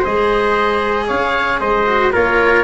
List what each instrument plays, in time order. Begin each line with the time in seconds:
0.00 tuba G#3, cello G#4, trumpet C5, oboe D#5
1.08 tuba C#4, trumpet C#5, oboe F5
1.60 tuba G#3, trumpet C5, oboe D#5
1.86 cello F#4
2.12 tuba A#3, cello F4, trumpet A#4, oboe C#5